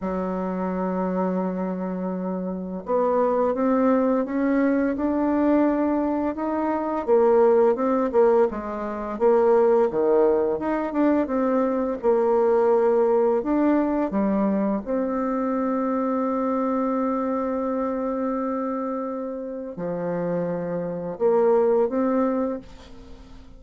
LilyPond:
\new Staff \with { instrumentName = "bassoon" } { \time 4/4 \tempo 4 = 85 fis1 | b4 c'4 cis'4 d'4~ | d'4 dis'4 ais4 c'8 ais8 | gis4 ais4 dis4 dis'8 d'8 |
c'4 ais2 d'4 | g4 c'2.~ | c'1 | f2 ais4 c'4 | }